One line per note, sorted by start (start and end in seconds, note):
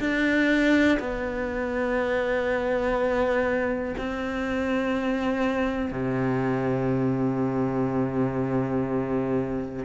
0.00 0.98 D4
1.00 3.95 B3
3.98 5.92 C4
5.92 9.85 C3